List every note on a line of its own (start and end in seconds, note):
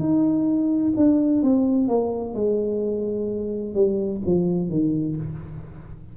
0.00 0.94 D#4
0.97 1.43 D4
1.43 1.88 C4
1.88 2.34 A#3
2.34 3.75 G#3
3.75 4.21 G3
4.26 4.70 F3
4.70 5.16 D#3